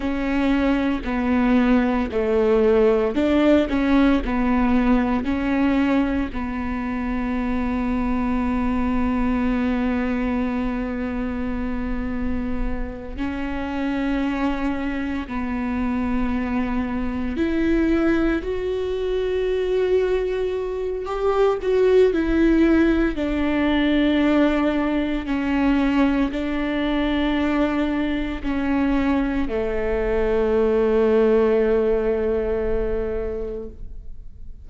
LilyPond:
\new Staff \with { instrumentName = "viola" } { \time 4/4 \tempo 4 = 57 cis'4 b4 a4 d'8 cis'8 | b4 cis'4 b2~ | b1~ | b8 cis'2 b4.~ |
b8 e'4 fis'2~ fis'8 | g'8 fis'8 e'4 d'2 | cis'4 d'2 cis'4 | a1 | }